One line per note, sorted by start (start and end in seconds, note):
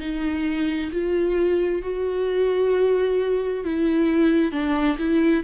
0.00 0.91 D#4
0.92 1.83 F4
1.83 3.64 F#4
3.64 4.52 E4
4.52 4.98 D4
4.98 5.44 E4